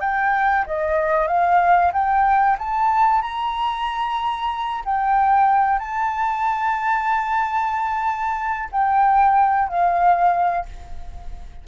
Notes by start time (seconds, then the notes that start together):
0.00 G5
0.66 D#5
1.27 F5
1.92 G5
2.58 A5
3.22 A#5
4.85 G5
5.79 A5
8.72 G5
9.68 F5